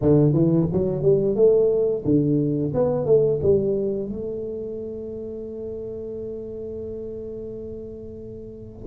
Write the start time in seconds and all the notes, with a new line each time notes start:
0.01 D3
0.33 E3
0.72 F#3
1.02 G3
1.35 A3
2.05 D3
2.73 B3
3.05 A3
3.42 G3
4.09 A3